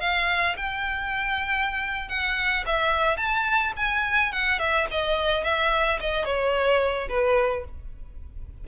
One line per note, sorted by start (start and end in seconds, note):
0.00 0.56 F5
0.57 2.08 G5
2.08 2.64 F#5
2.66 3.17 E5
3.17 3.72 A5
3.77 4.32 G#5
4.32 4.59 F#5
4.59 4.87 E5
4.91 5.43 D#5
5.43 5.99 E5
6.00 6.25 D#5
6.25 7.08 C#5
7.09 7.64 B4